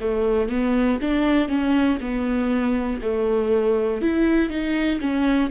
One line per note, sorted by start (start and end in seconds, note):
0.00 0.49 A3
0.49 0.99 B3
1.00 1.48 D4
1.48 1.98 C#4
2.00 3.00 B3
3.01 4.01 A3
4.01 4.50 E4
4.50 5.00 D#4
5.00 5.50 C#4